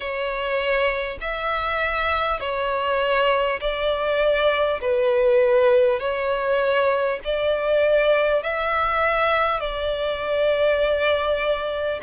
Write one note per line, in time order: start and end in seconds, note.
0.00 1.18 C#5
1.20 2.39 E5
2.39 3.59 C#5
3.60 4.80 D5
4.81 5.99 B4
5.99 7.19 C#5
7.24 8.43 D5
8.43 9.59 E5
9.59 11.99 D5